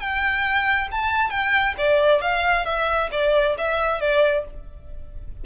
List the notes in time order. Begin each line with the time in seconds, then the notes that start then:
0.00 G5
0.91 A5
1.30 G5
1.77 D5
2.21 F5
2.65 E5
3.11 D5
3.58 E5
4.00 D5